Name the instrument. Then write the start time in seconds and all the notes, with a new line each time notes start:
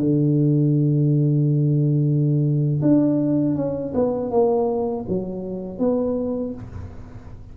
tuba
0.00 D3
2.82 D4
3.56 C#4
3.95 B3
4.31 A#3
5.09 F#3
5.79 B3